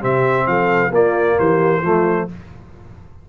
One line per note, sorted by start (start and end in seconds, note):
0.00 0.47 C3
0.00 0.91 C4
0.00 0.45 G4
0.00 0.46 E5
0.46 0.90 F3
0.46 0.92 A4
0.46 0.91 F5
0.90 1.35 A#3
0.90 1.83 A#3
0.90 1.37 F4
0.90 1.39 D5
1.39 1.83 E3
1.39 1.82 G4
1.39 2.29 C5
1.82 2.28 F3
1.82 2.28 A3
1.82 2.27 F4